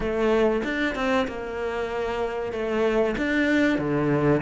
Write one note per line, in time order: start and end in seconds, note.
0.00 0.62 A3
0.64 0.95 D4
0.95 1.27 C4
1.27 2.52 A#3
2.52 3.15 A3
3.18 3.78 D4
3.78 4.41 D3